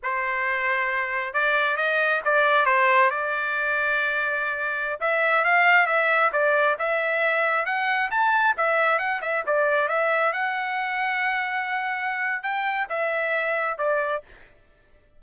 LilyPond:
\new Staff \with { instrumentName = "trumpet" } { \time 4/4 \tempo 4 = 135 c''2. d''4 | dis''4 d''4 c''4 d''4~ | d''2.~ d''16 e''8.~ | e''16 f''4 e''4 d''4 e''8.~ |
e''4~ e''16 fis''4 a''4 e''8.~ | e''16 fis''8 e''8 d''4 e''4 fis''8.~ | fis''1 | g''4 e''2 d''4 | }